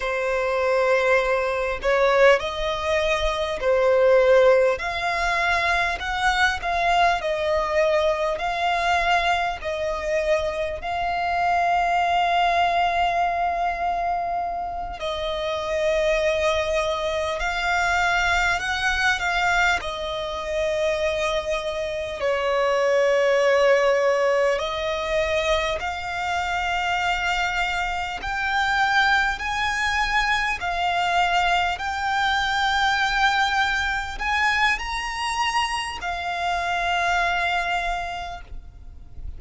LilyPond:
\new Staff \with { instrumentName = "violin" } { \time 4/4 \tempo 4 = 50 c''4. cis''8 dis''4 c''4 | f''4 fis''8 f''8 dis''4 f''4 | dis''4 f''2.~ | f''8 dis''2 f''4 fis''8 |
f''8 dis''2 cis''4.~ | cis''8 dis''4 f''2 g''8~ | g''8 gis''4 f''4 g''4.~ | g''8 gis''8 ais''4 f''2 | }